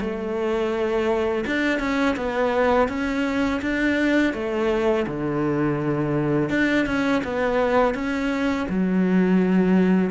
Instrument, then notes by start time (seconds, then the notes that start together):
cello
0.00 A3
1.46 D4
1.79 C#4
2.16 B3
2.88 C#4
3.61 D4
4.33 A3
5.07 D3
6.50 D4
6.86 C#4
7.24 B3
7.94 C#4
8.69 F#3